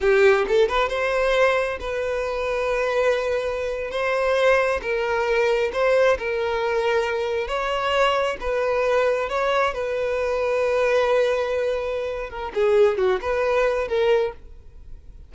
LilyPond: \new Staff \with { instrumentName = "violin" } { \time 4/4 \tempo 4 = 134 g'4 a'8 b'8 c''2 | b'1~ | b'8. c''2 ais'4~ ais'16~ | ais'8. c''4 ais'2~ ais'16~ |
ais'8. cis''2 b'4~ b'16~ | b'8. cis''4 b'2~ b'16~ | b'2.~ b'8 ais'8 | gis'4 fis'8 b'4. ais'4 | }